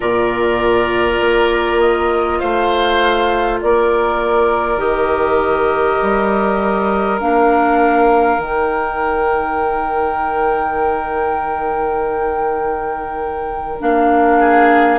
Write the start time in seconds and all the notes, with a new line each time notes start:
0.00 A#2 F4 A#4 D5
1.20 A#3
1.80 D#5
2.39 A3 C5 F5
3.61 A#3 A#4 D5
4.76 D#3 G4 D#5
6.02 G3
7.20 A#3 D4 F5
8.38 D#3 D#4 G5
13.79 A#3 D4 F5
14.39 G#4